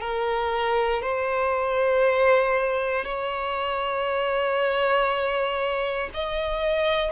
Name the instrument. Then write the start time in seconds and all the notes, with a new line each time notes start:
violin
0.00 A#4
1.02 C5
3.05 C#5
6.14 D#5